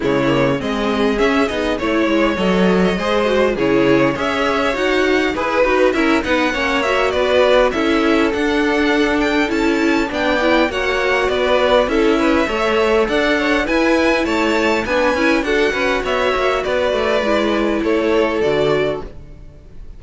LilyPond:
<<
  \new Staff \with { instrumentName = "violin" } { \time 4/4 \tempo 4 = 101 cis''4 dis''4 e''8 dis''8 cis''4 | dis''2 cis''4 e''4 | fis''4 b'4 e''8 fis''4 e''8 | d''4 e''4 fis''4. g''8 |
a''4 g''4 fis''4 d''4 | e''2 fis''4 gis''4 | a''4 gis''4 fis''4 e''4 | d''2 cis''4 d''4 | }
  \new Staff \with { instrumentName = "violin" } { \time 4/4 e'4 gis'2 cis''4~ | cis''4 c''4 gis'4 cis''4~ | cis''4 b'4 ais'8 b'8 cis''4 | b'4 a'2.~ |
a'4 d''4 cis''4 b'4 | a'8 b'8 cis''4 d''8 cis''8 b'4 | cis''4 b'4 a'8 b'8 cis''4 | b'2 a'2 | }
  \new Staff \with { instrumentName = "viola" } { \time 4/4 gis8 ais8 c'4 cis'8 dis'8 e'4 | a'4 gis'8 fis'8 e'4 gis'4 | fis'4 gis'8 fis'8 e'8 dis'8 cis'8 fis'8~ | fis'4 e'4 d'2 |
e'4 d'8 e'8 fis'2 | e'4 a'2 e'4~ | e'4 d'8 e'8 fis'2~ | fis'4 e'2 fis'4 | }
  \new Staff \with { instrumentName = "cello" } { \time 4/4 cis4 gis4 cis'8 b8 a8 gis8 | fis4 gis4 cis4 cis'4 | dis'4 e'8 dis'8 cis'8 b8 ais4 | b4 cis'4 d'2 |
cis'4 b4 ais4 b4 | cis'4 a4 d'4 e'4 | a4 b8 cis'8 d'8 cis'8 b8 ais8 | b8 a8 gis4 a4 d4 | }
>>